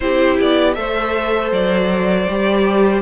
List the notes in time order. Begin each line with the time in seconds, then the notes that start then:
0.00 C4 E4 G4 C5
0.39 B3 D5
0.74 A3 A4 C5 E5
1.51 F#3 D5
2.28 G3 G4